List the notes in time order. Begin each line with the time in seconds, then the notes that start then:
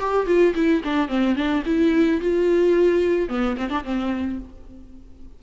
0.00 G4
0.26 F4
0.55 E4
0.84 D4
1.08 C4
1.36 D4
1.66 E4
2.21 F4
3.29 B3
3.57 C4
3.70 D4
3.84 C4